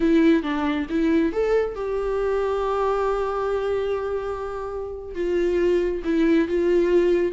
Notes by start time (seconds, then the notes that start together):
0.00 E4
0.43 D4
0.89 E4
1.32 A4
1.75 G4
5.14 F4
6.04 E4
6.47 F4